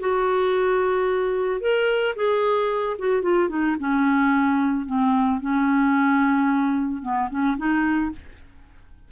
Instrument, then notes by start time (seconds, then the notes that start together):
clarinet
0.00 F#4
1.61 A#4
2.16 G#4
2.99 F#4
3.22 F4
3.49 D#4
3.80 C#4
4.86 C4
5.41 C#4
7.02 B3
7.30 C#4
7.58 D#4